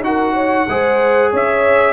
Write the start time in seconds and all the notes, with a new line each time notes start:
0.00 D#4 F#4 F#5
0.07 A#4
0.34 C#5
0.68 G#3 G#4 C5
1.31 C#4 C#5 E5